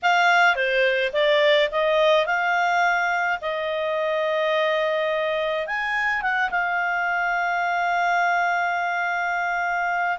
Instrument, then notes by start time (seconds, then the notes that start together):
clarinet
0.02 F5
0.55 C5
1.12 D5
1.71 D#5
2.26 F5
3.41 D#5
5.67 G#5
6.21 F#5
6.50 F5